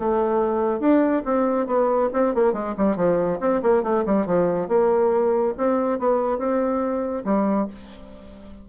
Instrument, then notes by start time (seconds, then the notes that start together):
bassoon
0.00 A3
0.80 D4
1.25 C4
1.67 B3
2.14 C4
2.35 A#3
2.54 G#3
2.78 G3
2.96 F3
3.41 C4
3.63 A#3
3.83 A3
4.06 G3
4.27 F3
4.69 A#3
5.58 C4
5.99 B3
6.39 C4
7.25 G3